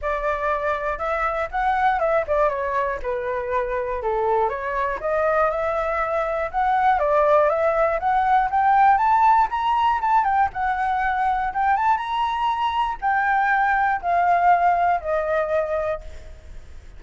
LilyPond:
\new Staff \with { instrumentName = "flute" } { \time 4/4 \tempo 4 = 120 d''2 e''4 fis''4 | e''8 d''8 cis''4 b'2 | a'4 cis''4 dis''4 e''4~ | e''4 fis''4 d''4 e''4 |
fis''4 g''4 a''4 ais''4 | a''8 g''8 fis''2 g''8 a''8 | ais''2 g''2 | f''2 dis''2 | }